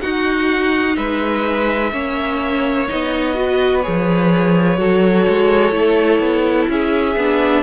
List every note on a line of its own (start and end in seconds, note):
0.00 1.90 D#4
0.00 0.97 D#4
0.00 0.97 F#4
0.00 0.96 F#5
0.96 1.92 G#3
0.96 1.92 B4
0.96 2.87 E5
1.92 2.88 A#3
1.92 2.87 C#4
1.92 3.36 C#5
2.88 3.87 B3
2.88 3.34 D#4
2.88 3.82 D#5
3.34 3.82 F#4
3.34 4.79 B4
3.82 4.78 F3
3.82 4.77 G#4
3.82 6.68 C#5
4.77 5.26 F#3
4.77 5.72 F#4
4.77 6.70 A4
5.29 5.72 G#3
5.72 6.19 A3
5.72 7.15 E4
6.19 6.67 B3
6.68 7.16 C#4
6.68 7.63 G#4
6.68 7.63 E5
7.16 7.63 B3
7.16 7.63 D4